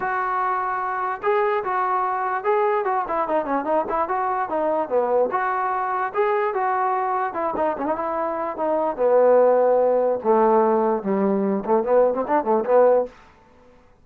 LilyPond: \new Staff \with { instrumentName = "trombone" } { \time 4/4 \tempo 4 = 147 fis'2. gis'4 | fis'2 gis'4 fis'8 e'8 | dis'8 cis'8 dis'8 e'8 fis'4 dis'4 | b4 fis'2 gis'4 |
fis'2 e'8 dis'8 cis'16 dis'16 e'8~ | e'4 dis'4 b2~ | b4 a2 g4~ | g8 a8 b8. c'16 d'8 a8 b4 | }